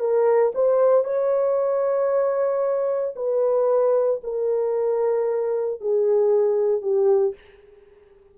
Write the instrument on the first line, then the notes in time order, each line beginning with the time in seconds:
horn
0.00 A#4
0.55 C5
1.04 C#5
3.16 B4
4.24 A#4
5.81 G#4
6.82 G4